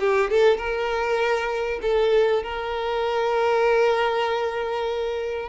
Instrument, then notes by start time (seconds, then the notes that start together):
violin
0.00 G4
0.30 A4
0.58 A#4
1.82 A4
2.44 A#4